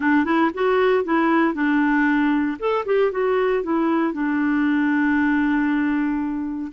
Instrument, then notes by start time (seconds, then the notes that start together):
clarinet
0.00 D4
0.24 E4
0.54 F#4
1.04 E4
1.54 D4
2.59 A4
2.85 G4
3.11 F#4
3.63 E4
4.13 D4